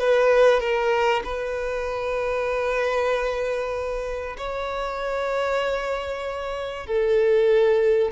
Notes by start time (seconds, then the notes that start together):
0.00 B4
0.61 A#4
1.25 B4
4.38 C#5
6.87 A4